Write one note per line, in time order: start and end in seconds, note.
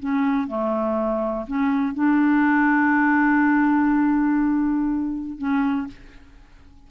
0.00 0.48 C#4
0.48 1.47 A3
1.48 1.95 C#4
1.95 5.39 D4
5.39 5.88 C#4